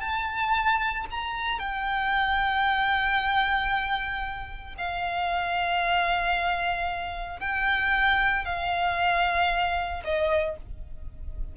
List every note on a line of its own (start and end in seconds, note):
0.00 1.05 A5
1.11 1.59 A#5
1.59 4.75 G5
4.78 7.40 F5
7.40 8.45 G5
8.45 10.03 F5
10.04 10.57 D#5